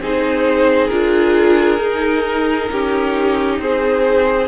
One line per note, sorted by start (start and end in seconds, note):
0.00 0.90 C4
0.00 0.90 D#4
0.00 2.70 G#4
0.00 0.87 C5
0.87 1.79 D4
0.87 1.78 F4
0.87 3.56 A#4
1.78 4.46 D#4
1.78 2.69 D#4
2.71 3.59 C#4
2.71 3.61 G4
3.59 4.48 C4
3.59 4.48 G#4
3.59 4.48 C5